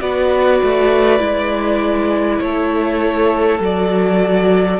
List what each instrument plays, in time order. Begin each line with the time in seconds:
0.00 cello B3, viola F#4, violin B4 D5
0.63 cello A3
1.19 cello G#3, viola E4
2.40 cello A3, violin A4 C#5
3.59 cello F#3, viola F#4, violin D5